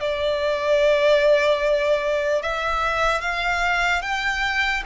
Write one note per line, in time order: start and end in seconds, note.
0.00 2.42 D5
2.42 3.21 E5
3.21 4.02 F5
4.02 4.83 G5